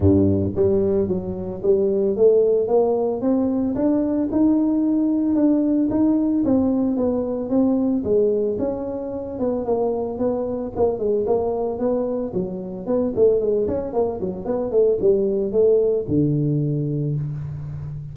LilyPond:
\new Staff \with { instrumentName = "tuba" } { \time 4/4 \tempo 4 = 112 g,4 g4 fis4 g4 | a4 ais4 c'4 d'4 | dis'2 d'4 dis'4 | c'4 b4 c'4 gis4 |
cis'4. b8 ais4 b4 | ais8 gis8 ais4 b4 fis4 | b8 a8 gis8 cis'8 ais8 fis8 b8 a8 | g4 a4 d2 | }